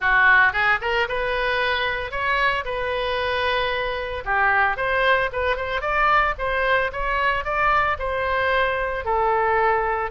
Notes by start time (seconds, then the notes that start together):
0.00 F#4
0.52 G#4
0.81 A#4
1.08 B4
2.11 C#5
2.64 B4
4.24 G4
4.76 C5
5.32 B4
5.56 C5
5.81 D5
6.38 C5
6.92 C#5
7.44 D5
7.98 C5
9.04 A4